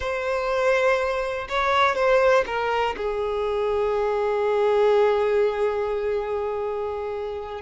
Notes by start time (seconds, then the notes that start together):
0.00 C5
1.48 C#5
1.95 C5
2.46 A#4
2.96 G#4